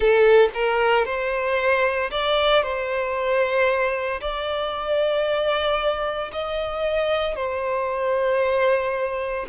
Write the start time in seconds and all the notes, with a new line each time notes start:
0.00 A4
0.54 A#4
1.05 C5
2.11 D5
2.62 C5
4.21 D5
6.32 D#5
7.35 C5